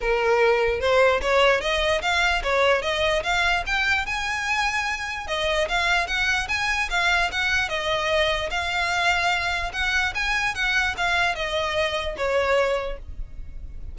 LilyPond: \new Staff \with { instrumentName = "violin" } { \time 4/4 \tempo 4 = 148 ais'2 c''4 cis''4 | dis''4 f''4 cis''4 dis''4 | f''4 g''4 gis''2~ | gis''4 dis''4 f''4 fis''4 |
gis''4 f''4 fis''4 dis''4~ | dis''4 f''2. | fis''4 gis''4 fis''4 f''4 | dis''2 cis''2 | }